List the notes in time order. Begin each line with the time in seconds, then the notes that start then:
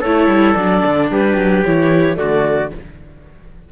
0.00 A3 E4 A4 C#5
0.27 G3
0.53 F#3 D4 D5
0.85 D3
1.11 G3 G4 B4
1.37 F#3
1.65 E3 E4 C#5
2.15 D3 A3 F#4 D5